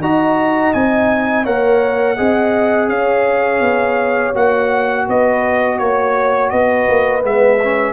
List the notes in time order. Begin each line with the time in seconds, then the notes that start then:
0.00 D#4 F#4 D#5 A#5
0.73 C4 D#4 G#5
1.44 A#3 A#4 C#5 F#5
2.17 C4 G#4 D#5
2.88 C#4 C#5 F5
3.60 B3
4.34 A#3 F#4 F#5
5.07 B3 B4 D#5
5.78 A#3 C#5
6.49 B3 B4 D#5
6.88 A#3
7.21 G#3 B3 E5
7.63 C#4